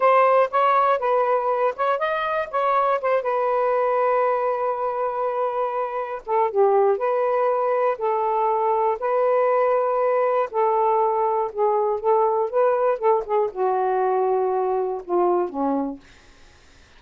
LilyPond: \new Staff \with { instrumentName = "saxophone" } { \time 4/4 \tempo 4 = 120 c''4 cis''4 b'4. cis''8 | dis''4 cis''4 c''8 b'4.~ | b'1~ | b'8 a'8 g'4 b'2 |
a'2 b'2~ | b'4 a'2 gis'4 | a'4 b'4 a'8 gis'8 fis'4~ | fis'2 f'4 cis'4 | }